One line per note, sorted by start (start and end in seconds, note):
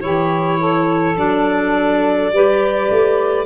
0.00 1.17 E3
0.00 1.15 E4
0.00 0.59 G4
0.00 1.16 C#5
0.59 2.32 A4
1.16 2.32 F#3
1.16 2.31 D4
1.16 3.46 D5
2.32 2.90 G3
2.32 3.46 G4
2.32 3.46 B4
2.90 3.46 A3